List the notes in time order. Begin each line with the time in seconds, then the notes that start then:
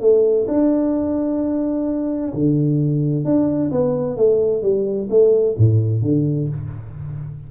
0.00 A3
0.48 D4
2.33 D3
3.25 D4
3.71 B3
4.16 A3
4.62 G3
5.10 A3
5.57 A2
6.02 D3